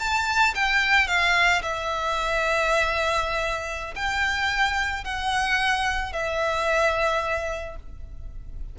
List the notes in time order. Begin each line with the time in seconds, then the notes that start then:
0.00 A5
0.55 G5
1.08 F5
1.63 E5
3.96 G5
5.05 F#5
6.13 E5